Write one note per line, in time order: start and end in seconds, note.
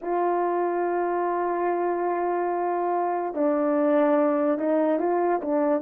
0.01 3.34 F4
3.34 4.58 D4
4.58 4.99 D#4
4.99 5.41 F4
5.41 5.81 D4